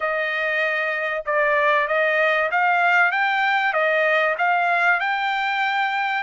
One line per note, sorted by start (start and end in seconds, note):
0.00 1.23 D#5
1.25 1.87 D5
1.87 2.50 D#5
2.51 3.11 F5
3.11 3.73 G5
3.73 4.35 D#5
4.38 4.99 F5
4.99 6.23 G5